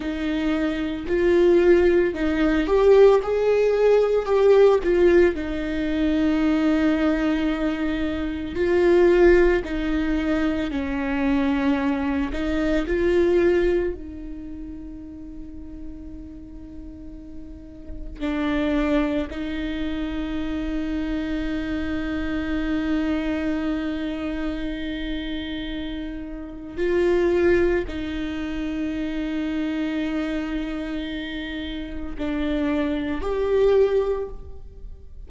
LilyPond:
\new Staff \with { instrumentName = "viola" } { \time 4/4 \tempo 4 = 56 dis'4 f'4 dis'8 g'8 gis'4 | g'8 f'8 dis'2. | f'4 dis'4 cis'4. dis'8 | f'4 dis'2.~ |
dis'4 d'4 dis'2~ | dis'1~ | dis'4 f'4 dis'2~ | dis'2 d'4 g'4 | }